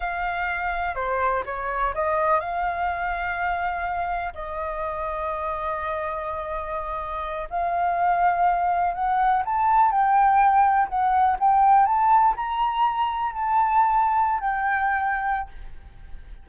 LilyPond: \new Staff \with { instrumentName = "flute" } { \time 4/4 \tempo 4 = 124 f''2 c''4 cis''4 | dis''4 f''2.~ | f''4 dis''2.~ | dis''2.~ dis''8 f''8~ |
f''2~ f''8 fis''4 a''8~ | a''8 g''2 fis''4 g''8~ | g''8 a''4 ais''2 a''8~ | a''4.~ a''16 g''2~ g''16 | }